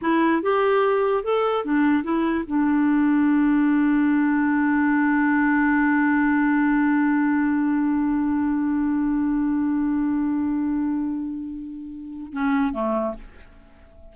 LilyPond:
\new Staff \with { instrumentName = "clarinet" } { \time 4/4 \tempo 4 = 146 e'4 g'2 a'4 | d'4 e'4 d'2~ | d'1~ | d'1~ |
d'1~ | d'1~ | d'1~ | d'2 cis'4 a4 | }